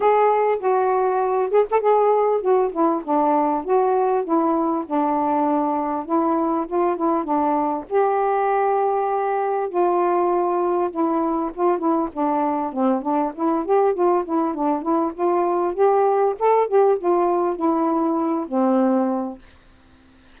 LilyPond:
\new Staff \with { instrumentName = "saxophone" } { \time 4/4 \tempo 4 = 99 gis'4 fis'4. gis'16 a'16 gis'4 | fis'8 e'8 d'4 fis'4 e'4 | d'2 e'4 f'8 e'8 | d'4 g'2. |
f'2 e'4 f'8 e'8 | d'4 c'8 d'8 e'8 g'8 f'8 e'8 | d'8 e'8 f'4 g'4 a'8 g'8 | f'4 e'4. c'4. | }